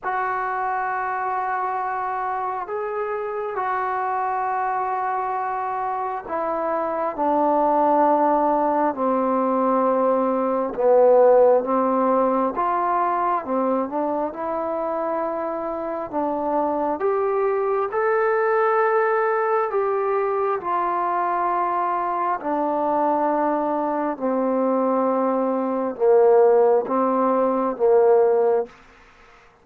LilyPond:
\new Staff \with { instrumentName = "trombone" } { \time 4/4 \tempo 4 = 67 fis'2. gis'4 | fis'2. e'4 | d'2 c'2 | b4 c'4 f'4 c'8 d'8 |
e'2 d'4 g'4 | a'2 g'4 f'4~ | f'4 d'2 c'4~ | c'4 ais4 c'4 ais4 | }